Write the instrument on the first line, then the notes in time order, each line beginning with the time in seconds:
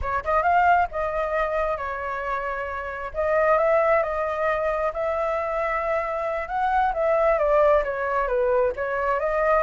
flute
0.01 C#5
0.24 D#5
0.43 F5
0.91 D#5
1.77 C#5
3.13 D#5
3.58 E5
4.02 D#5
4.93 E5
6.48 F#5
6.93 E5
7.38 D5
7.84 C#5
8.27 B4
8.76 C#5
9.19 D#5